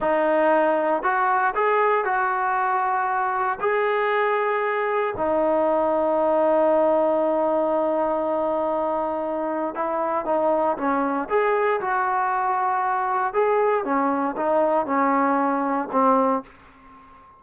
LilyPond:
\new Staff \with { instrumentName = "trombone" } { \time 4/4 \tempo 4 = 117 dis'2 fis'4 gis'4 | fis'2. gis'4~ | gis'2 dis'2~ | dis'1~ |
dis'2. e'4 | dis'4 cis'4 gis'4 fis'4~ | fis'2 gis'4 cis'4 | dis'4 cis'2 c'4 | }